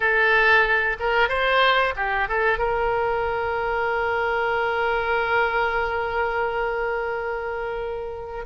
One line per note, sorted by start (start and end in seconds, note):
0.00 0.96 A4
0.99 1.28 A#4
1.28 1.94 C5
1.96 2.28 G4
2.28 2.58 A4
2.58 8.45 A#4